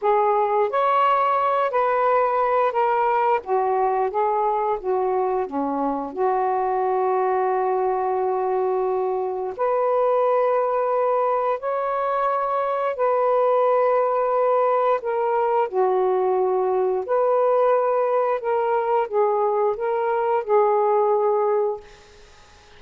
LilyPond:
\new Staff \with { instrumentName = "saxophone" } { \time 4/4 \tempo 4 = 88 gis'4 cis''4. b'4. | ais'4 fis'4 gis'4 fis'4 | cis'4 fis'2.~ | fis'2 b'2~ |
b'4 cis''2 b'4~ | b'2 ais'4 fis'4~ | fis'4 b'2 ais'4 | gis'4 ais'4 gis'2 | }